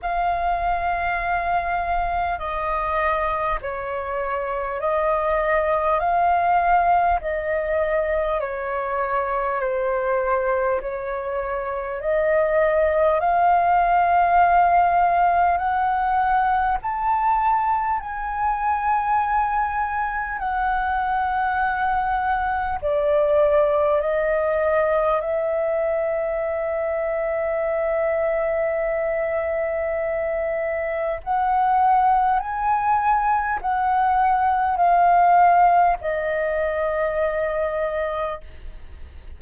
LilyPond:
\new Staff \with { instrumentName = "flute" } { \time 4/4 \tempo 4 = 50 f''2 dis''4 cis''4 | dis''4 f''4 dis''4 cis''4 | c''4 cis''4 dis''4 f''4~ | f''4 fis''4 a''4 gis''4~ |
gis''4 fis''2 d''4 | dis''4 e''2.~ | e''2 fis''4 gis''4 | fis''4 f''4 dis''2 | }